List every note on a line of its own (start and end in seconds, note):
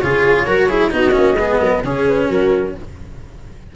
0.00 0.48 C#3
0.00 0.47 F4
0.00 0.47 G#4
0.00 0.91 C#5
0.47 0.93 F#3
0.47 0.69 F#4
0.47 0.68 A#4
0.68 0.91 E4
0.68 0.91 G#4
0.91 1.16 B3
0.91 1.12 D#4
0.91 1.39 F#4
0.91 1.84 D#5
1.12 1.33 A#3
1.12 1.34 C#4
1.33 1.56 G#3
1.33 1.84 B3
1.40 1.61 G#4
1.61 1.84 F#3
1.61 1.84 A#4
1.84 2.29 C#3
1.84 2.75 C#4
1.84 2.29 G#4
1.84 2.07 C#5
2.08 2.30 B4
2.29 2.75 F#3
2.29 2.74 F#4
2.29 2.75 A#4